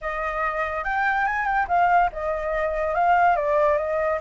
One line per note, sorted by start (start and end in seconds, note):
0.01 0.84 D#5
0.84 1.26 G5
1.26 1.45 G#5
1.45 1.66 G5
1.68 2.10 F5
2.12 2.94 D#5
2.94 3.35 F5
3.35 3.77 D5
3.77 4.19 D#5